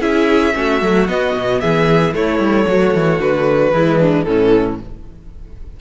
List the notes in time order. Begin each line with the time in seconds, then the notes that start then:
0.00 C#4 E4 G#4 E5
0.53 A3 C#4 F#4
0.81 F#3 A3
1.08 B3 D#5
1.36 B2
1.60 E3 G#4 E5
2.13 A3 E4 C#5
2.39 G3
2.68 F#3 F#4
2.94 E3
3.19 D3 B4
3.72 E3 G#3 E4
3.99 D4
4.23 A2 E3 C#4 A4